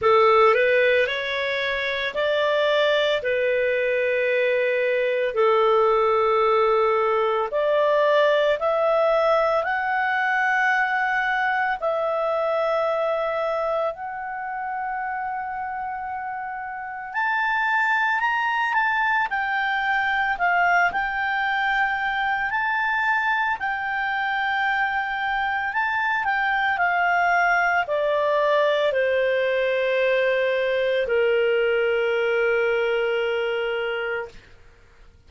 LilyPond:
\new Staff \with { instrumentName = "clarinet" } { \time 4/4 \tempo 4 = 56 a'8 b'8 cis''4 d''4 b'4~ | b'4 a'2 d''4 | e''4 fis''2 e''4~ | e''4 fis''2. |
a''4 ais''8 a''8 g''4 f''8 g''8~ | g''4 a''4 g''2 | a''8 g''8 f''4 d''4 c''4~ | c''4 ais'2. | }